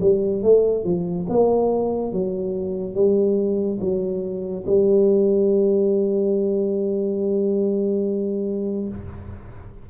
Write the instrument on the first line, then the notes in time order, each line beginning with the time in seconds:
tuba
0.00 G3
0.42 A3
0.84 F3
1.29 A#3
2.12 F#3
2.94 G3
3.80 F#3
4.66 G3